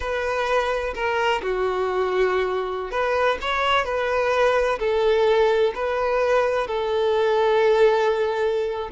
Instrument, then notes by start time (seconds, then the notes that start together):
violin
0.00 B4
0.94 A#4
1.42 F#4
2.91 B4
3.41 C#5
3.85 B4
4.79 A4
5.74 B4
6.67 A4